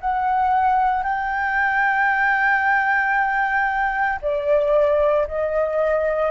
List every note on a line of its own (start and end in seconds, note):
0.00 1.03 F#5
1.03 4.19 G5
4.22 5.27 D5
5.27 6.31 D#5